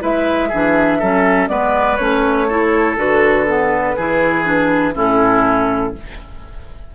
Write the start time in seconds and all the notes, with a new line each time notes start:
0.00 G#3 E4 B4 E5
0.49 E3 D4 G#4
1.00 F#3 C#4 A4
1.48 G#3 B3 B4 D5
1.97 A3 C#4 C#5
2.48 E4 A4
2.97 D3 F#4 B4
3.47 B3
3.96 E3 E4 G#4
4.44 D4
4.94 A2 C#4 E4 A4